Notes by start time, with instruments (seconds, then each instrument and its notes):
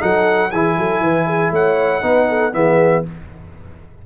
0.00 tuba F#3, trombone D#4, horn A4, trumpet F#5
0.51 tuba E3, trombone E4, horn G#4, trumpet G#5
0.78 tuba F#3, horn A4
1.01 tuba E3, horn B4
1.27 horn G#4
1.52 tuba A3, horn C#5, trumpet F#5
2.02 tuba B3, trombone D#4, horn B4
2.29 horn A4
2.53 tuba E3, trombone B3, horn G#4, trumpet E5